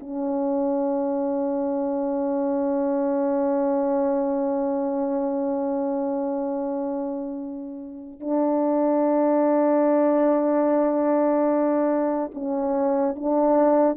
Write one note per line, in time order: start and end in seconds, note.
0.00 8.20 C#4
8.20 12.31 D4
12.35 13.16 C#4
13.16 13.97 D4